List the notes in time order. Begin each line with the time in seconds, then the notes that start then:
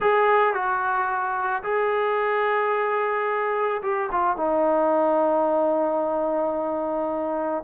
0.00 G#4
0.53 F#4
1.63 G#4
3.82 G4
4.11 F4
4.36 D#4